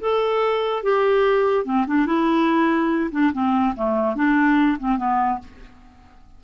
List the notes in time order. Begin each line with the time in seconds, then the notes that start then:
0.00 A4
0.82 G4
1.65 C4
1.87 D4
2.06 E4
3.11 D4
3.33 C4
3.75 A3
4.15 D4
4.79 C4
4.97 B3